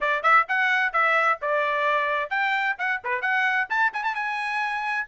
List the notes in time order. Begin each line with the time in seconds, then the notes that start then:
0.00 D5
0.22 E5
0.48 F#5
0.92 E5
1.41 D5
2.30 G5
2.78 F#5
3.03 B4
3.21 F#5
3.69 A5
3.93 G#5
4.03 A5
4.14 G#5